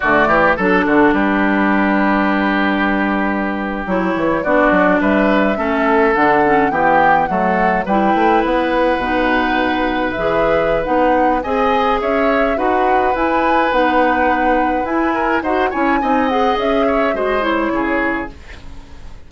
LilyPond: <<
  \new Staff \with { instrumentName = "flute" } { \time 4/4 \tempo 4 = 105 d''4 a'4 b'2~ | b'2~ b'8. cis''4 d''16~ | d''8. e''2 fis''4 g''16~ | g''8. fis''4 g''4 fis''4~ fis''16~ |
fis''4.~ fis''16 e''4~ e''16 fis''4 | gis''4 e''4 fis''4 gis''4 | fis''2 gis''4 fis''8 gis''8~ | gis''8 fis''8 e''4 dis''8 cis''4. | }
  \new Staff \with { instrumentName = "oboe" } { \time 4/4 fis'8 g'8 a'8 fis'8 g'2~ | g'2.~ g'8. fis'16~ | fis'8. b'4 a'2 g'16~ | g'8. a'4 b'2~ b'16~ |
b'1 | dis''4 cis''4 b'2~ | b'2~ b'8 ais'8 c''8 cis''8 | dis''4. cis''8 c''4 gis'4 | }
  \new Staff \with { instrumentName = "clarinet" } { \time 4/4 a4 d'2.~ | d'2~ d'8. e'4 d'16~ | d'4.~ d'16 cis'4 d'8 cis'8 b16~ | b8. a4 e'2 dis'16~ |
dis'4.~ dis'16 gis'4~ gis'16 dis'4 | gis'2 fis'4 e'4 | dis'2 e'4 fis'8 e'8 | dis'8 gis'4. fis'8 e'4. | }
  \new Staff \with { instrumentName = "bassoon" } { \time 4/4 d8 e8 fis8 d8 g2~ | g2~ g8. fis8 e8 b16~ | b16 fis8 g4 a4 d4 e16~ | e8. fis4 g8 a8 b4 b,16~ |
b,4.~ b,16 e4~ e16 b4 | c'4 cis'4 dis'4 e'4 | b2 e'4 dis'8 cis'8 | c'4 cis'4 gis4 cis4 | }
>>